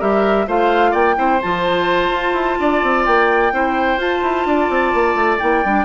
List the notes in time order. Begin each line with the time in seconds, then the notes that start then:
0.00 G3 G4 A#4 E5
0.47 A3 F4 C5 F5
0.92 A#3 D5 G5
1.16 C4 E4 C5
1.42 F3 F4 A5
2.11 F4
2.33 E4
2.60 D4 D5
2.84 C4
3.06 A#3 G5
3.53 C4 E4 C5
3.97 F4 A5
4.23 E4
4.46 D4 D5
4.70 C4
4.94 A#3
5.15 A3
5.39 A#3 E4 G5
5.65 G3 D4